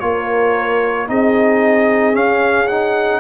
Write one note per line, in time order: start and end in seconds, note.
0.00 1.09 A#3
0.00 1.07 F4
0.00 1.10 A#4
0.00 1.07 C#5
1.07 2.16 C4
1.07 2.14 D#4
1.07 3.20 G#4
1.07 2.16 D#5
2.14 2.67 C#4
2.14 3.20 C#4
2.14 2.68 F5
2.68 3.20 D#4
2.68 3.20 F#5